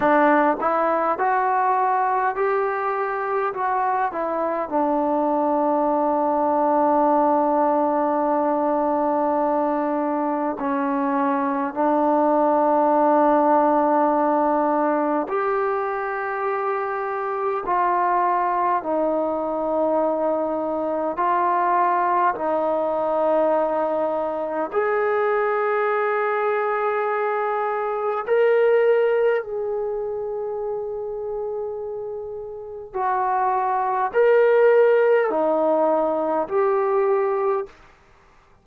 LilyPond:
\new Staff \with { instrumentName = "trombone" } { \time 4/4 \tempo 4 = 51 d'8 e'8 fis'4 g'4 fis'8 e'8 | d'1~ | d'4 cis'4 d'2~ | d'4 g'2 f'4 |
dis'2 f'4 dis'4~ | dis'4 gis'2. | ais'4 gis'2. | fis'4 ais'4 dis'4 g'4 | }